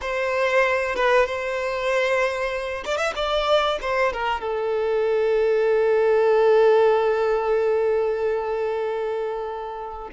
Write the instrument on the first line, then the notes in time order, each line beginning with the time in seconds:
violin
0.01 C5
0.95 B4
1.25 C5
2.84 D5
2.97 E5
3.15 D5
3.81 C5
4.12 A#4
4.40 A4